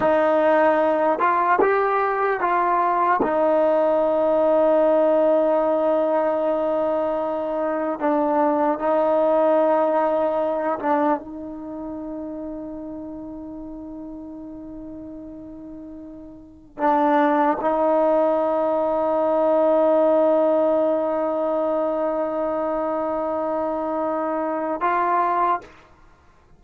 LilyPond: \new Staff \with { instrumentName = "trombone" } { \time 4/4 \tempo 4 = 75 dis'4. f'8 g'4 f'4 | dis'1~ | dis'2 d'4 dis'4~ | dis'4. d'8 dis'2~ |
dis'1~ | dis'4 d'4 dis'2~ | dis'1~ | dis'2. f'4 | }